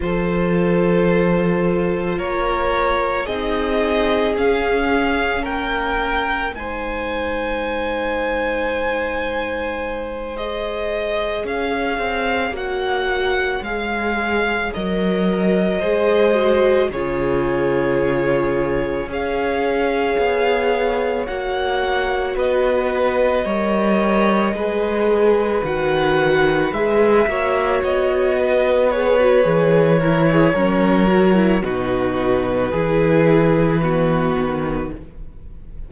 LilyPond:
<<
  \new Staff \with { instrumentName = "violin" } { \time 4/4 \tempo 4 = 55 c''2 cis''4 dis''4 | f''4 g''4 gis''2~ | gis''4. dis''4 f''4 fis''8~ | fis''8 f''4 dis''2 cis''8~ |
cis''4. f''2 fis''8~ | fis''8 dis''2. fis''8~ | fis''8 e''4 dis''4 cis''4.~ | cis''4 b'2. | }
  \new Staff \with { instrumentName = "violin" } { \time 4/4 a'2 ais'4 gis'4~ | gis'4 ais'4 c''2~ | c''2~ c''8 cis''4.~ | cis''2~ cis''8 c''4 gis'8~ |
gis'4. cis''2~ cis''8~ | cis''8 b'4 cis''4 b'4.~ | b'4 cis''4 b'4. ais'16 gis'16 | ais'4 fis'4 gis'4 fis'4 | }
  \new Staff \with { instrumentName = "viola" } { \time 4/4 f'2. dis'4 | cis'2 dis'2~ | dis'4. gis'2 fis'8~ | fis'8 gis'4 ais'4 gis'8 fis'8 f'8~ |
f'4. gis'2 fis'8~ | fis'4. ais'4 gis'4 fis'8~ | fis'8 gis'8 fis'4. gis'16 fis'16 gis'8 e'8 | cis'8 fis'16 e'16 dis'4 e'4 b4 | }
  \new Staff \with { instrumentName = "cello" } { \time 4/4 f2 ais4 c'4 | cis'4 ais4 gis2~ | gis2~ gis8 cis'8 c'8 ais8~ | ais8 gis4 fis4 gis4 cis8~ |
cis4. cis'4 b4 ais8~ | ais8 b4 g4 gis4 dis8~ | dis8 gis8 ais8 b4. e4 | fis4 b,4 e4. dis8 | }
>>